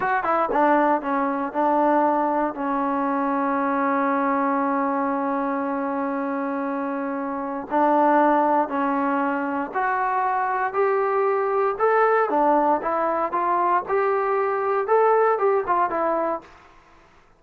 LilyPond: \new Staff \with { instrumentName = "trombone" } { \time 4/4 \tempo 4 = 117 fis'8 e'8 d'4 cis'4 d'4~ | d'4 cis'2.~ | cis'1~ | cis'2. d'4~ |
d'4 cis'2 fis'4~ | fis'4 g'2 a'4 | d'4 e'4 f'4 g'4~ | g'4 a'4 g'8 f'8 e'4 | }